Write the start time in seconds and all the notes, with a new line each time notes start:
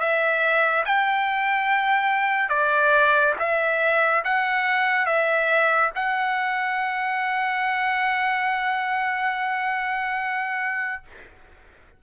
0.00 E5
0.86 G5
2.50 D5
3.40 E5
4.25 F#5
5.06 E5
5.96 F#5